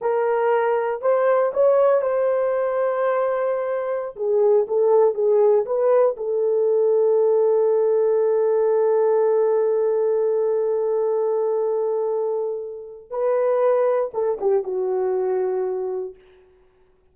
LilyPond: \new Staff \with { instrumentName = "horn" } { \time 4/4 \tempo 4 = 119 ais'2 c''4 cis''4 | c''1~ | c''16 gis'4 a'4 gis'4 b'8.~ | b'16 a'2.~ a'8.~ |
a'1~ | a'1~ | a'2 b'2 | a'8 g'8 fis'2. | }